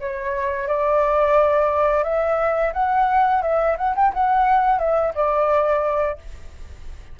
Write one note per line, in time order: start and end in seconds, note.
0.00 0.67 C#5
0.67 2.03 D5
2.03 2.72 E5
2.73 3.42 F#5
3.42 3.76 E5
3.78 3.95 F#5
3.95 4.13 G5
4.13 4.79 F#5
4.79 5.13 E5
5.14 6.18 D5